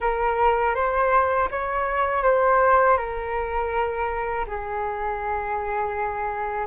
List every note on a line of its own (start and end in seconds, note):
0.00 0.74 A#4
0.74 1.48 C5
1.50 2.23 C#5
2.23 2.97 C5
2.97 4.45 A#4
4.47 6.67 G#4